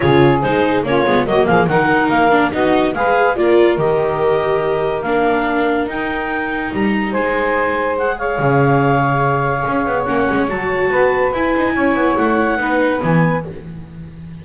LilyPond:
<<
  \new Staff \with { instrumentName = "clarinet" } { \time 4/4 \tempo 4 = 143 cis''4 c''4 cis''4 dis''8 f''8 | fis''4 f''4 dis''4 f''4 | d''4 dis''2. | f''2 g''2 |
ais''4 gis''2 fis''8 f''8~ | f''1 | fis''4 a''2 gis''4~ | gis''4 fis''2 gis''4 | }
  \new Staff \with { instrumentName = "saxophone" } { \time 4/4 gis'2 f'4 fis'8 gis'8 | ais'2 fis'4 b'4 | ais'1~ | ais'1~ |
ais'4 c''2~ c''8 cis''8~ | cis''1~ | cis''2 b'2 | cis''2 b'2 | }
  \new Staff \with { instrumentName = "viola" } { \time 4/4 f'4 dis'4 cis'8 b8 ais4 | dis'4. d'8 dis'4 gis'4 | f'4 g'2. | d'2 dis'2~ |
dis'2. gis'4~ | gis'1 | cis'4 fis'2 e'4~ | e'2 dis'4 b4 | }
  \new Staff \with { instrumentName = "double bass" } { \time 4/4 cis4 gis4 ais8 gis8 fis8 f8 | dis4 ais4 b4 gis4 | ais4 dis2. | ais2 dis'2 |
g4 gis2. | cis2. cis'8 b8 | ais8 gis8 fis4 b4 e'8 dis'8 | cis'8 b8 a4 b4 e4 | }
>>